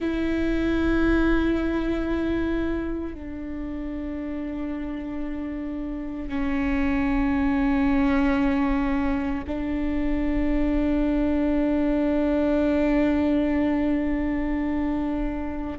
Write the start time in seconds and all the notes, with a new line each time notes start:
0.00 E4
3.14 D4
6.28 C#4
9.47 D4